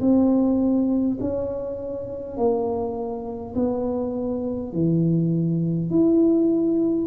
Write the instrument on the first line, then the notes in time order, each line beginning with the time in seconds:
tuba
0.00 C4
1.20 C#4
2.36 A#3
3.55 B3
4.72 E3
5.90 E4